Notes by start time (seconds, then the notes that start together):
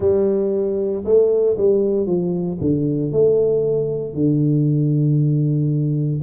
0.00 G3
1.04 A3
1.57 G3
2.06 F3
2.61 D3
3.12 A3
4.14 D3